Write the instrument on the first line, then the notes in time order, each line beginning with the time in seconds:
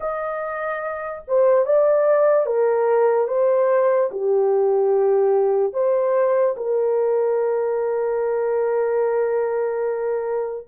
horn
0.00 D#5
1.27 C5
1.65 D5
2.45 A#4
3.27 C5
4.11 G4
5.73 C5
6.56 A#4